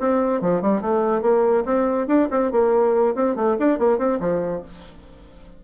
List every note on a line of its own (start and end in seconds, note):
0.00 0.42 C4
0.42 0.62 F3
0.62 0.82 G3
0.82 1.22 A3
1.22 1.64 A#3
1.66 2.08 C4
2.08 2.29 D4
2.32 2.52 C4
2.52 3.16 A#3
3.16 3.36 C4
3.36 3.57 A3
3.60 3.79 D4
3.79 3.99 A#3
3.99 4.20 C4
4.20 4.63 F3